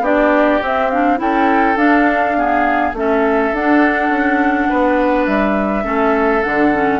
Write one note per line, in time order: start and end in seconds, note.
0.00 0.58 B3
0.00 0.61 D4
0.00 1.19 G4
0.00 0.63 D5
0.61 0.90 C4
0.61 1.20 C4
0.61 0.89 E5
0.89 1.17 D4
0.89 1.18 F5
1.17 1.76 C#4
1.17 1.75 E4
1.17 2.37 A4
1.17 1.77 G5
1.76 2.92 D4
1.76 2.35 D4
1.76 2.94 F5
2.36 2.95 B3
2.36 2.96 G#4
2.93 3.51 A3
2.93 3.54 C#4
2.93 4.69 A4
2.93 3.54 E5
3.52 4.09 D4
3.52 5.83 D4
3.52 5.26 F#5
4.09 4.67 C#4
4.69 5.27 B3
4.69 5.84 B4
5.26 5.84 G3
5.26 6.42 E5
5.83 6.42 A3
5.83 6.41 C#4
5.83 6.99 A4
6.43 6.99 D3
6.43 6.73 D4
6.43 6.99 F#5
6.73 6.99 C#4